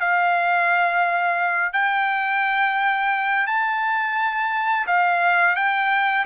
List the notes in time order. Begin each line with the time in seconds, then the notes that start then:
0.00 F5
1.73 G5
3.47 A5
4.87 F5
5.56 G5